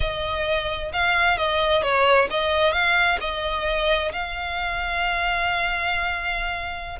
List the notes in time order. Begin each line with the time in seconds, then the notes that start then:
0.00 D#5
0.92 F5
1.37 D#5
1.82 C#5
2.30 D#5
2.72 F5
3.20 D#5
4.12 F5